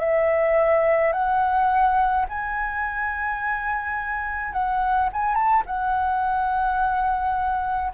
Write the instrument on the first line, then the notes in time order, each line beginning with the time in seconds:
flute
0.00 E5
1.13 F#5
2.29 G#5
4.53 F#5
5.13 G#5
5.35 A5
5.66 F#5